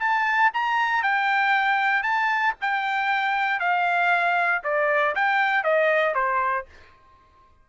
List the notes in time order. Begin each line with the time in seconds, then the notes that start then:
0.00 A5
0.54 A#5
1.03 G5
2.03 A5
2.61 G5
3.60 F5
4.64 D5
5.16 G5
5.64 D#5
6.15 C5